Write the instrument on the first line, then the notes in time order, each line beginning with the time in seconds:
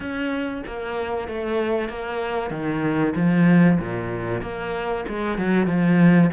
cello
0.00 C#4
0.66 A#3
1.28 A3
1.89 A#3
2.50 D#3
3.15 F3
3.79 A#2
4.41 A#3
5.08 G#3
5.38 F#3
5.66 F3